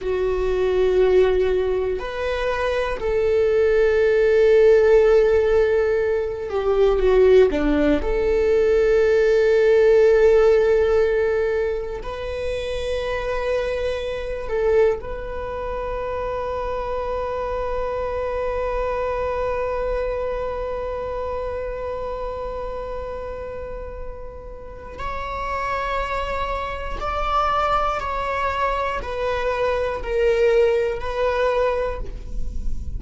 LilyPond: \new Staff \with { instrumentName = "viola" } { \time 4/4 \tempo 4 = 60 fis'2 b'4 a'4~ | a'2~ a'8 g'8 fis'8 d'8 | a'1 | b'2~ b'8 a'8 b'4~ |
b'1~ | b'1~ | b'4 cis''2 d''4 | cis''4 b'4 ais'4 b'4 | }